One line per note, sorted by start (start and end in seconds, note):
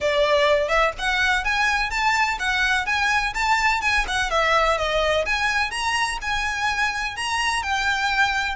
0.00 0.68 D5
0.68 0.92 E5
0.98 1.44 F#5
1.44 1.90 G#5
1.90 2.38 A5
2.39 2.86 F#5
2.86 3.33 G#5
3.34 3.81 A5
3.81 4.05 G#5
4.07 4.30 F#5
4.30 4.77 E5
4.77 5.25 D#5
5.25 5.70 G#5
5.70 6.18 A#5
6.21 7.16 G#5
7.16 7.63 A#5
7.63 8.55 G5